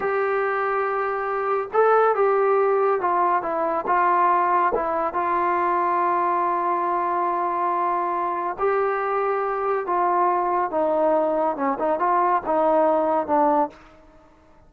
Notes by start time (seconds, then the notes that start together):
0.00 G4
1.73 A4
2.15 G4
3.00 F4
3.42 E4
3.86 F4
4.75 E4
5.13 F4
8.59 G4
9.86 F4
10.70 D#4
11.56 C#4
11.79 D#4
11.99 F4
12.46 D#4
13.26 D4